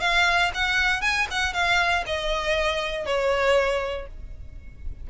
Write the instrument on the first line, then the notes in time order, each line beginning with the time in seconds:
violin
0.00 F5
0.54 F#5
1.01 G#5
1.30 F#5
1.53 F5
2.06 D#5
3.05 C#5